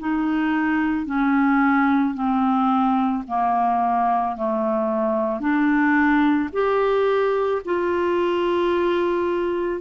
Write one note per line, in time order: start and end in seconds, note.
0.00 1.06 D#4
1.06 2.14 C#4
2.14 3.23 C4
3.28 4.37 A#3
4.37 5.40 A3
5.40 6.50 D4
6.53 7.62 G4
7.65 9.81 F4